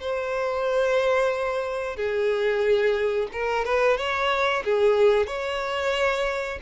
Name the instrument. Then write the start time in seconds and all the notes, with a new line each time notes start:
violin
0.00 C5
1.96 G#4
3.32 A#4
3.64 B4
3.97 C#5
4.64 G#4
5.26 C#5